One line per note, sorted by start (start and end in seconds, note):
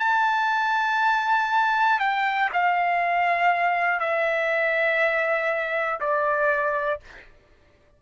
0.00 2.00 A5
2.00 2.50 G5
2.53 4.00 F5
4.00 6.00 E5
6.00 7.00 D5